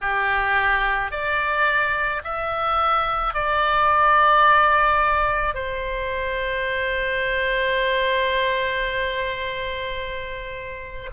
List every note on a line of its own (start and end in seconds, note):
0.01 1.11 G4
1.11 2.22 D5
2.24 3.34 E5
3.34 5.54 D5
5.54 11.10 C5